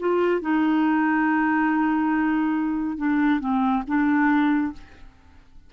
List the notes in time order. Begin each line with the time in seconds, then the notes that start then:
0.00 F4
0.41 D#4
2.98 D4
3.41 C4
3.87 D4